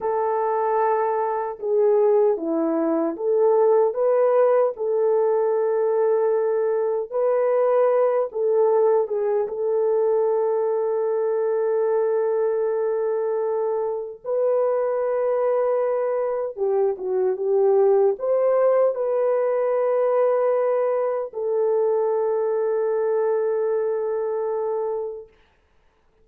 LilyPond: \new Staff \with { instrumentName = "horn" } { \time 4/4 \tempo 4 = 76 a'2 gis'4 e'4 | a'4 b'4 a'2~ | a'4 b'4. a'4 gis'8 | a'1~ |
a'2 b'2~ | b'4 g'8 fis'8 g'4 c''4 | b'2. a'4~ | a'1 | }